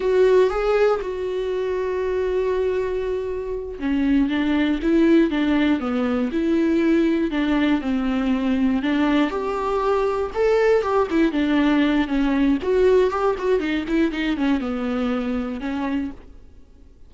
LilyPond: \new Staff \with { instrumentName = "viola" } { \time 4/4 \tempo 4 = 119 fis'4 gis'4 fis'2~ | fis'2.~ fis'8 cis'8~ | cis'8 d'4 e'4 d'4 b8~ | b8 e'2 d'4 c'8~ |
c'4. d'4 g'4.~ | g'8 a'4 g'8 e'8 d'4. | cis'4 fis'4 g'8 fis'8 dis'8 e'8 | dis'8 cis'8 b2 cis'4 | }